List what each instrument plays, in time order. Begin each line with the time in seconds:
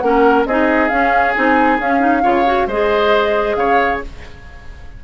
0.00 bassoon A#3, clarinet C#4, oboe A#4, flute F#5
0.46 bassoon C4, clarinet D#4, oboe G#4, flute D#5
0.89 clarinet C#4, bassoon C#4, flute F5
1.35 bassoon C4, clarinet D#4, flute G#5
1.80 bassoon C#4, clarinet C#4, flute F5
2.00 clarinet D#4
2.23 bassoon C#3, clarinet F4, oboe C#5
2.46 clarinet F#4
2.67 bassoon G#3, clarinet G#4, oboe C5, flute D#5
3.56 bassoon C#3, oboe C#5, flute F5